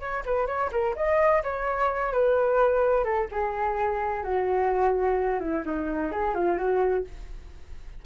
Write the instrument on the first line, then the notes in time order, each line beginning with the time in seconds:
flute
0.00 C#5
0.25 B4
0.47 C#5
0.72 A#4
0.96 D#5
1.43 C#5
2.13 B4
3.04 A4
3.32 G#4
4.23 F#4
5.40 E4
5.66 D#4
6.12 G#4
6.35 F4
6.57 F#4